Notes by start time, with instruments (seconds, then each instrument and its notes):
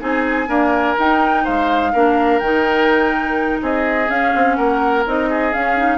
0.00 bassoon C4, clarinet D#4, oboe G#4, flute G#5
0.48 clarinet A#3, bassoon D4, oboe A#4
0.98 bassoon D#4, clarinet D#4, flute G5
1.44 bassoon G#3, oboe C5, flute F5
1.93 bassoon A#3, clarinet D4, oboe A#4
2.39 bassoon D#3, clarinet D#4, flute G5
3.62 bassoon C4, oboe G#4, flute D#5
4.07 clarinet C#4, bassoon C#4, flute F5
4.35 bassoon C4
4.56 bassoon A#3, oboe A#4, flute F#5
5.07 bassoon C4, clarinet D#4, flute D#5
5.30 oboe G#4
5.53 clarinet C#4, bassoon C#4, flute F5
5.77 clarinet D#4